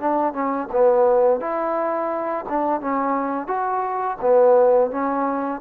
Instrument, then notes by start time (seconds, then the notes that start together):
trombone
0.00 D4
0.34 C#4
0.72 B3
1.41 E4
2.49 D4
2.81 C#4
3.48 F#4
4.21 B3
4.91 C#4